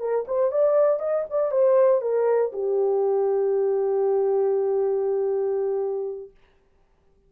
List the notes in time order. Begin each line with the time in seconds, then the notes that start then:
0.00 A#4
0.28 C5
0.52 D5
1.00 D#5
1.30 D5
1.52 C5
2.02 A#4
2.53 G4